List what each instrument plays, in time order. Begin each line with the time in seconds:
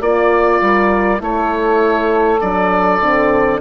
0.00 bassoon A#3, horn F4, saxophone D5, oboe D5
0.61 bassoon G3, saxophone A#4
1.19 bassoon A3, horn E4, saxophone A4, oboe C#5
2.41 bassoon F#3, horn D4, oboe D5
3.01 bassoon D3, horn C4